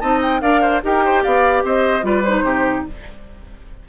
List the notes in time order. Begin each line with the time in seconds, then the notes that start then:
0.00 C4 D#4 D#5 A5
0.22 G5
0.41 D4 A#4 D5 F5
0.61 C5
0.83 D#4 G4 A#4 G5
1.05 C5
1.23 B3 D5 F5
1.64 C4 C5 D#5
2.03 G3 F4 B4 D5
2.23 D#4 C5
2.43 C3 G4